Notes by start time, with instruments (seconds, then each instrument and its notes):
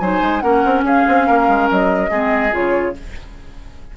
0.00 bassoon F#3, clarinet D#4, oboe C5, flute G#5
0.22 bassoon G#3
0.40 bassoon A#3, clarinet C#4, oboe A#4, flute F#5
0.65 bassoon C4
0.83 bassoon C#4, oboe G#4, flute F5
1.08 bassoon C4
1.27 bassoon A#3, oboe A#4
1.48 bassoon G#3
1.71 bassoon F#3, flute D#5
2.11 bassoon G#3, clarinet C4, oboe G#4
2.51 bassoon C#3, clarinet F4, flute C#5